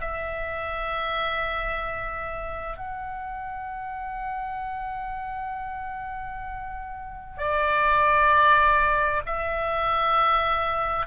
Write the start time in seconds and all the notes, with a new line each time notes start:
0.00 E5
2.77 F#5
7.37 D5
9.26 E5